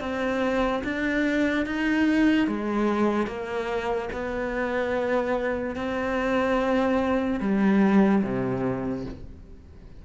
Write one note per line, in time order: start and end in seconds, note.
0.00 0.82 C4
0.83 1.66 D4
1.66 2.47 D#4
2.47 3.27 G#3
3.27 4.09 A#3
4.12 5.75 B3
5.75 7.40 C4
7.40 8.22 G3
8.23 9.05 C3